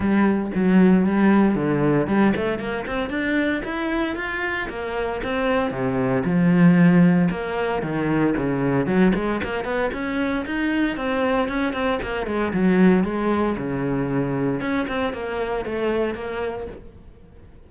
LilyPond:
\new Staff \with { instrumentName = "cello" } { \time 4/4 \tempo 4 = 115 g4 fis4 g4 d4 | g8 a8 ais8 c'8 d'4 e'4 | f'4 ais4 c'4 c4 | f2 ais4 dis4 |
cis4 fis8 gis8 ais8 b8 cis'4 | dis'4 c'4 cis'8 c'8 ais8 gis8 | fis4 gis4 cis2 | cis'8 c'8 ais4 a4 ais4 | }